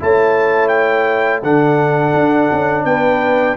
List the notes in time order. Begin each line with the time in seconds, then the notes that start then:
0.00 A3 E4 C#5 A5
0.68 G5
1.43 D3 D4 A4 F#5
2.14 D4
2.52 C#4
2.85 B3 B4 G5